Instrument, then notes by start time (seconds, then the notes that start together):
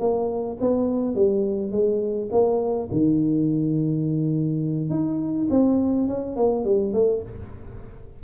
tuba
0.00 A#3
0.61 B3
1.15 G3
1.72 G#3
2.32 A#3
2.92 D#3
4.90 D#4
5.51 C4
6.08 C#4
6.36 A#3
6.65 G3
6.94 A3